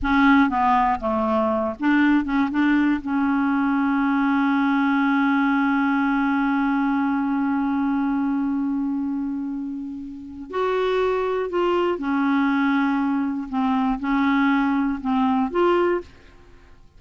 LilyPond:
\new Staff \with { instrumentName = "clarinet" } { \time 4/4 \tempo 4 = 120 cis'4 b4 a4. d'8~ | d'8 cis'8 d'4 cis'2~ | cis'1~ | cis'1~ |
cis'1~ | cis'4 fis'2 f'4 | cis'2. c'4 | cis'2 c'4 f'4 | }